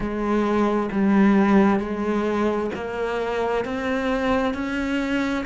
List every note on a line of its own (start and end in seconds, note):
0.00 0.89 G#3
0.91 1.79 G3
1.79 2.70 G#3
2.74 3.64 A#3
3.64 4.54 C4
4.54 5.45 C#4